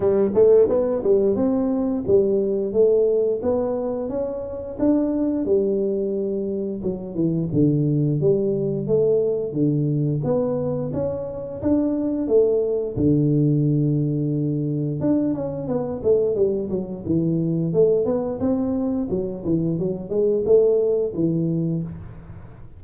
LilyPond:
\new Staff \with { instrumentName = "tuba" } { \time 4/4 \tempo 4 = 88 g8 a8 b8 g8 c'4 g4 | a4 b4 cis'4 d'4 | g2 fis8 e8 d4 | g4 a4 d4 b4 |
cis'4 d'4 a4 d4~ | d2 d'8 cis'8 b8 a8 | g8 fis8 e4 a8 b8 c'4 | fis8 e8 fis8 gis8 a4 e4 | }